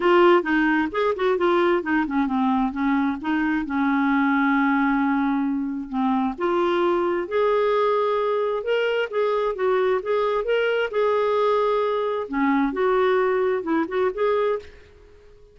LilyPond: \new Staff \with { instrumentName = "clarinet" } { \time 4/4 \tempo 4 = 132 f'4 dis'4 gis'8 fis'8 f'4 | dis'8 cis'8 c'4 cis'4 dis'4 | cis'1~ | cis'4 c'4 f'2 |
gis'2. ais'4 | gis'4 fis'4 gis'4 ais'4 | gis'2. cis'4 | fis'2 e'8 fis'8 gis'4 | }